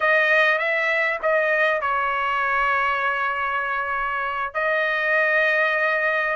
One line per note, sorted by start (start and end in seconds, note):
0.00 0.58 D#5
0.58 1.18 E5
1.22 1.81 D#5
1.81 4.53 C#5
4.54 6.36 D#5